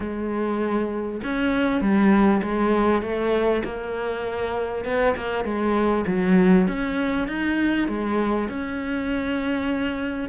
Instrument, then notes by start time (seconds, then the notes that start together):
cello
0.00 G#3
1.23 C#4
1.81 G3
2.42 G#3
3.02 A3
3.64 A#3
4.85 B3
5.15 A#3
5.44 G#3
6.07 F#3
6.67 C#4
7.27 D#4
7.88 G#3
8.48 C#4